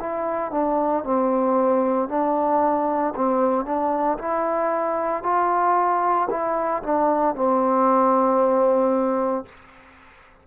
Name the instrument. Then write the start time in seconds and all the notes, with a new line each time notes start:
trombone
0.00 E4
0.52 D4
1.04 C4
2.09 D4
3.15 C4
3.65 D4
4.18 E4
5.23 F4
6.30 E4
6.83 D4
7.35 C4